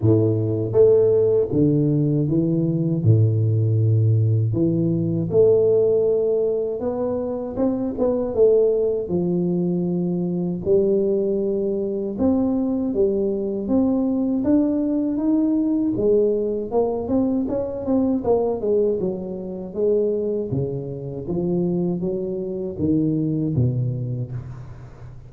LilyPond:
\new Staff \with { instrumentName = "tuba" } { \time 4/4 \tempo 4 = 79 a,4 a4 d4 e4 | a,2 e4 a4~ | a4 b4 c'8 b8 a4 | f2 g2 |
c'4 g4 c'4 d'4 | dis'4 gis4 ais8 c'8 cis'8 c'8 | ais8 gis8 fis4 gis4 cis4 | f4 fis4 dis4 b,4 | }